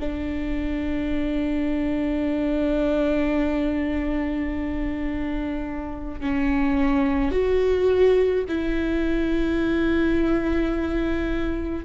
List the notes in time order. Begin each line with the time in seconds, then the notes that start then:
0.00 D4
6.20 C#4
7.31 F#4
8.48 E4